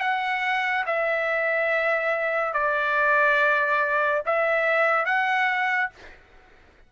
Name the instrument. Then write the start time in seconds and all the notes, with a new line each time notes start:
trumpet
0.00 F#5
0.86 E5
2.53 D5
4.26 E5
5.06 F#5